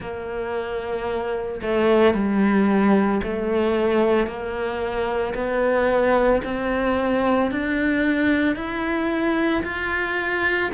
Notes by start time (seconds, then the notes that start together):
0.00 A#3
1.62 A3
2.14 G3
3.23 A3
4.26 A#3
5.34 B3
6.44 C4
7.51 D4
8.55 E4
9.63 F4